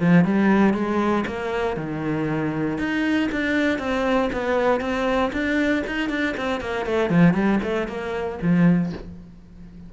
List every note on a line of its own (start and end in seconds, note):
0.00 0.25 F3
0.25 0.74 G3
0.74 1.25 G#3
1.27 1.77 A#3
1.77 2.78 D#3
2.78 3.29 D#4
3.32 3.79 D4
3.79 4.29 C4
4.33 4.81 B3
4.81 5.31 C4
5.33 5.83 D4
5.87 6.09 D#4
6.09 6.35 D4
6.37 6.61 C4
6.61 6.86 A#3
6.86 7.10 A3
7.10 7.34 F3
7.34 7.59 G3
7.63 7.88 A3
7.88 8.39 A#3
8.42 8.92 F3